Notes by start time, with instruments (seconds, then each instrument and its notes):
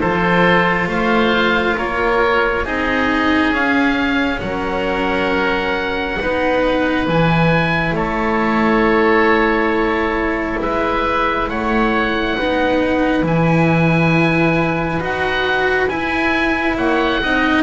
0.00 double bass F3, cello F4, oboe A4 C5
0.87 double bass A3, oboe C5 F5
1.77 double bass A#3, oboe A#4 C#5
2.64 double bass C4, cello D#4, oboe G#4 D#5
3.51 double bass C#4, cello C#4, oboe F5
4.40 double bass F#3, oboe A#4 F#5
6.21 double bass B3, cello D#4, oboe B4
7.07 double bass E3, cello E4, oboe G#5
7.92 double bass A3, oboe A4 C#5
10.60 double bass G#3, oboe B4 E5
11.48 double bass A3, oboe C#5 F#5
12.37 double bass B3, cello D#4, oboe B4
13.22 double bass E3, cello E4, oboe G#5
15.00 double bass D#4, cello F#4, oboe F#5
15.89 cello E4, double bass E4, oboe G#5
16.76 double bass A#3, oboe C#5 F#5
17.22 double bass C4, cello D#4, oboe D#5